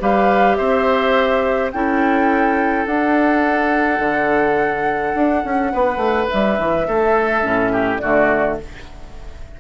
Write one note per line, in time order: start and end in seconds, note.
0.00 0.58 G3
0.00 1.71 G4
0.00 0.57 B4
0.00 0.55 F5
0.55 1.73 C4
0.55 1.72 C5
0.55 1.70 E5
1.72 2.86 C#4
1.72 2.87 E4
1.72 5.72 A4
1.72 2.86 G5
2.86 3.99 D4
2.86 7.42 D4
2.86 6.29 F#5
3.99 5.13 D3
5.15 5.43 D4
5.44 5.73 C#4
5.72 5.97 B3
5.72 6.87 B4
5.97 6.25 A3
6.29 6.58 G3
6.29 7.97 E5
6.58 6.87 E3
6.87 7.44 A3
6.87 7.72 A4
7.42 8.01 A2
7.42 7.99 C#4
7.72 8.01 G4
7.97 8.60 D3
7.97 8.60 A3
7.97 8.59 F#4
7.97 8.55 D5